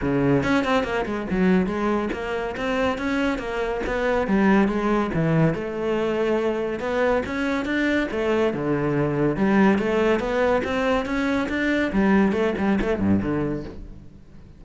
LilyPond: \new Staff \with { instrumentName = "cello" } { \time 4/4 \tempo 4 = 141 cis4 cis'8 c'8 ais8 gis8 fis4 | gis4 ais4 c'4 cis'4 | ais4 b4 g4 gis4 | e4 a2. |
b4 cis'4 d'4 a4 | d2 g4 a4 | b4 c'4 cis'4 d'4 | g4 a8 g8 a8 g,8 d4 | }